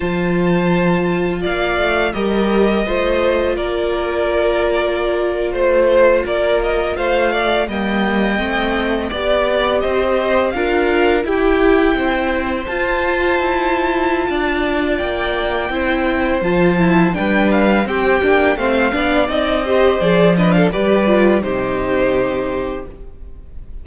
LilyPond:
<<
  \new Staff \with { instrumentName = "violin" } { \time 4/4 \tempo 4 = 84 a''2 f''4 dis''4~ | dis''4 d''2~ d''8. c''16~ | c''8. d''8 dis''8 f''4 g''4~ g''16~ | g''8. d''4 dis''4 f''4 g''16~ |
g''4.~ g''16 a''2~ a''16~ | a''4 g''2 a''4 | g''8 f''8 g''4 f''4 dis''4 | d''8 dis''16 f''16 d''4 c''2 | }
  \new Staff \with { instrumentName = "violin" } { \time 4/4 c''2 d''4 ais'4 | c''4 ais'2~ ais'8. c''16~ | c''8. ais'4 c''8 d''8 dis''4~ dis''16~ | dis''8. d''4 c''4 ais'4 g'16~ |
g'8. c''2.~ c''16 | d''2 c''2 | b'4 g'4 c''8 d''4 c''8~ | c''8 b'16 a'16 b'4 g'2 | }
  \new Staff \with { instrumentName = "viola" } { \time 4/4 f'2. g'4 | f'1~ | f'2~ f'8. ais4 c'16~ | c'8. g'2 f'4 e'16~ |
e'4.~ e'16 f'2~ f'16~ | f'2 e'4 f'8 e'8 | d'4 c'8 d'8 c'8 d'8 dis'8 g'8 | gis'8 d'8 g'8 f'8 dis'2 | }
  \new Staff \with { instrumentName = "cello" } { \time 4/4 f2 ais8 a8 g4 | a4 ais2~ ais8. a16~ | a8. ais4 a4 g4 a16~ | a8. b4 c'4 d'4 e'16~ |
e'8. c'4 f'4 e'4~ e'16 | d'4 ais4 c'4 f4 | g4 c'8 ais8 a8 b8 c'4 | f4 g4 c2 | }
>>